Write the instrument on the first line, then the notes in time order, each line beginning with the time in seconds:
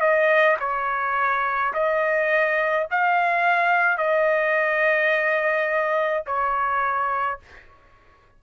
trumpet
0.00 D#5
0.60 C#5
1.73 D#5
2.91 F5
3.98 D#5
6.26 C#5